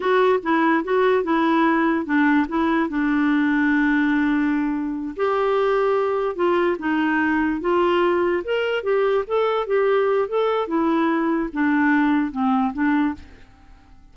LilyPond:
\new Staff \with { instrumentName = "clarinet" } { \time 4/4 \tempo 4 = 146 fis'4 e'4 fis'4 e'4~ | e'4 d'4 e'4 d'4~ | d'1~ | d'8 g'2. f'8~ |
f'8 dis'2 f'4.~ | f'8 ais'4 g'4 a'4 g'8~ | g'4 a'4 e'2 | d'2 c'4 d'4 | }